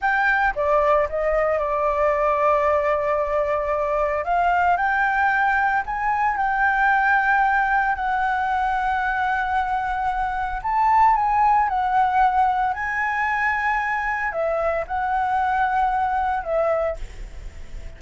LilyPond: \new Staff \with { instrumentName = "flute" } { \time 4/4 \tempo 4 = 113 g''4 d''4 dis''4 d''4~ | d''1 | f''4 g''2 gis''4 | g''2. fis''4~ |
fis''1 | a''4 gis''4 fis''2 | gis''2. e''4 | fis''2. e''4 | }